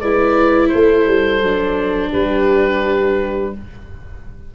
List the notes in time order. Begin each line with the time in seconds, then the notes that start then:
0.00 G#3 E4 B4 D5
0.68 A3 A4 C5
1.07 G3
1.42 F#3 D4
2.11 G3 G4 B4